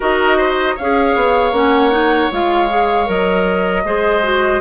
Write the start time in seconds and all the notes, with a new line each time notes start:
0.00 D#4 F#4 A#4 D#5
0.37 C5
0.75 C#4 C#5 F5
0.81 G#4
1.15 B3
1.51 A#3 C#4 F#5
1.91 D#4
2.31 G#3 F4 F5
2.68 G#4
3.05 F#3 A#4 D#5
3.84 G#3 G#4 C5
4.23 F#4